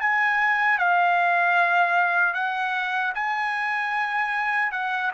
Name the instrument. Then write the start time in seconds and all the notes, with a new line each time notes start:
trumpet
0.00 G#5
0.78 F5
2.34 F#5
3.14 G#5
4.72 F#5